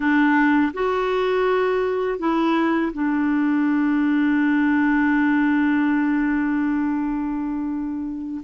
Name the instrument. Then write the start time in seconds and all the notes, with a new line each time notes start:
clarinet
0.00 D4
0.73 F#4
2.19 E4
2.92 D4